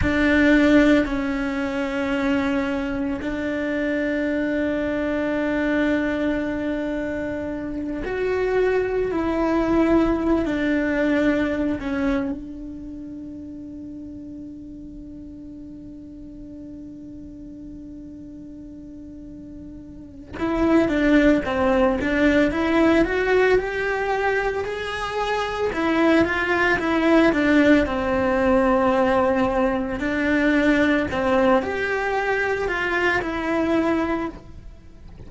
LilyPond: \new Staff \with { instrumentName = "cello" } { \time 4/4 \tempo 4 = 56 d'4 cis'2 d'4~ | d'2.~ d'8 fis'8~ | fis'8 e'4~ e'16 d'4~ d'16 cis'8 d'8~ | d'1~ |
d'2. e'8 d'8 | c'8 d'8 e'8 fis'8 g'4 gis'4 | e'8 f'8 e'8 d'8 c'2 | d'4 c'8 g'4 f'8 e'4 | }